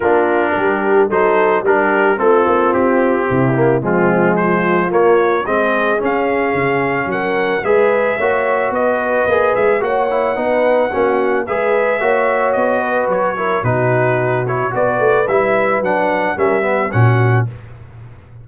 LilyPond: <<
  \new Staff \with { instrumentName = "trumpet" } { \time 4/4 \tempo 4 = 110 ais'2 c''4 ais'4 | a'4 g'2 f'4 | c''4 cis''4 dis''4 f''4~ | f''4 fis''4 e''2 |
dis''4. e''8 fis''2~ | fis''4 e''2 dis''4 | cis''4 b'4. cis''8 d''4 | e''4 fis''4 e''4 fis''4 | }
  \new Staff \with { instrumentName = "horn" } { \time 4/4 f'4 g'4 a'4 g'4 | f'2 e'4 c'4 | f'2 gis'2~ | gis'4 ais'4 b'4 cis''4 |
b'2 cis''4 b'4 | fis'4 b'4 cis''4. b'8~ | b'8 ais'8 fis'2 b'4~ | b'2 ais'8 b'8 fis'4 | }
  \new Staff \with { instrumentName = "trombone" } { \time 4/4 d'2 dis'4 d'4 | c'2~ c'8 ais8 gis4~ | gis4 ais4 c'4 cis'4~ | cis'2 gis'4 fis'4~ |
fis'4 gis'4 fis'8 e'8 dis'4 | cis'4 gis'4 fis'2~ | fis'8 e'8 dis'4. e'8 fis'4 | e'4 d'4 cis'8 b8 cis'4 | }
  \new Staff \with { instrumentName = "tuba" } { \time 4/4 ais4 g4 fis4 g4 | a8 ais8 c'4 c4 f4~ | f4 ais4 gis4 cis'4 | cis4 fis4 gis4 ais4 |
b4 ais8 gis8 ais4 b4 | ais4 gis4 ais4 b4 | fis4 b,2 b8 a8 | g4 fis4 g4 ais,4 | }
>>